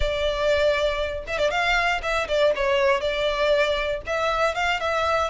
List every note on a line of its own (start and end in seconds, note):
0.00 1.24 D5
1.27 1.38 E5
1.38 1.50 D5
1.50 2.01 F5
2.02 2.27 E5
2.28 2.53 D5
2.55 3.00 C#5
3.00 4.01 D5
4.06 4.54 E5
4.54 4.80 F5
4.80 5.30 E5